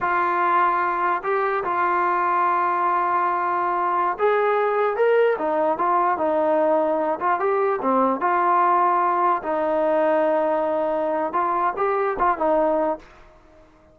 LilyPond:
\new Staff \with { instrumentName = "trombone" } { \time 4/4 \tempo 4 = 148 f'2. g'4 | f'1~ | f'2~ f'16 gis'4.~ gis'16~ | gis'16 ais'4 dis'4 f'4 dis'8.~ |
dis'4.~ dis'16 f'8 g'4 c'8.~ | c'16 f'2. dis'8.~ | dis'1 | f'4 g'4 f'8 dis'4. | }